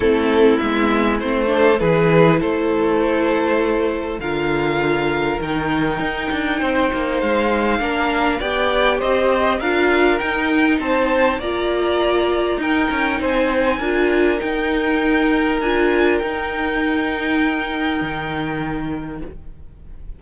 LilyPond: <<
  \new Staff \with { instrumentName = "violin" } { \time 4/4 \tempo 4 = 100 a'4 e''4 c''4 b'4 | c''2. f''4~ | f''4 g''2. | f''2 g''4 dis''4 |
f''4 g''4 a''4 ais''4~ | ais''4 g''4 gis''2 | g''2 gis''4 g''4~ | g''1 | }
  \new Staff \with { instrumentName = "violin" } { \time 4/4 e'2~ e'8 a'8 gis'4 | a'2. ais'4~ | ais'2. c''4~ | c''4 ais'4 d''4 c''4 |
ais'2 c''4 d''4~ | d''4 ais'4 c''4 ais'4~ | ais'1~ | ais'1 | }
  \new Staff \with { instrumentName = "viola" } { \time 4/4 c'4 b4 c'8 d'8 e'4~ | e'2. f'4~ | f'4 dis'2.~ | dis'4 d'4 g'2 |
f'4 dis'2 f'4~ | f'4 dis'2 f'4 | dis'2 f'4 dis'4~ | dis'1 | }
  \new Staff \with { instrumentName = "cello" } { \time 4/4 a4 gis4 a4 e4 | a2. d4~ | d4 dis4 dis'8 d'8 c'8 ais8 | gis4 ais4 b4 c'4 |
d'4 dis'4 c'4 ais4~ | ais4 dis'8 cis'8 c'4 d'4 | dis'2 d'4 dis'4~ | dis'2 dis2 | }
>>